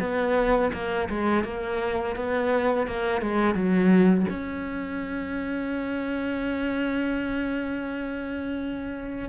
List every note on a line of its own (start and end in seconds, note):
0.00 0.71 B3
0.73 1.08 A#3
1.09 1.44 G#3
1.44 2.16 A#3
2.16 2.87 B3
2.87 3.21 A#3
3.21 3.55 G#3
3.55 4.26 F#3
4.30 9.29 C#4